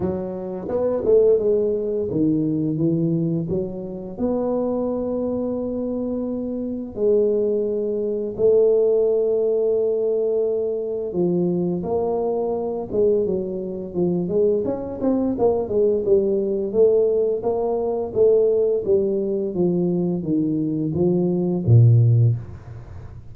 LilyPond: \new Staff \with { instrumentName = "tuba" } { \time 4/4 \tempo 4 = 86 fis4 b8 a8 gis4 dis4 | e4 fis4 b2~ | b2 gis2 | a1 |
f4 ais4. gis8 fis4 | f8 gis8 cis'8 c'8 ais8 gis8 g4 | a4 ais4 a4 g4 | f4 dis4 f4 ais,4 | }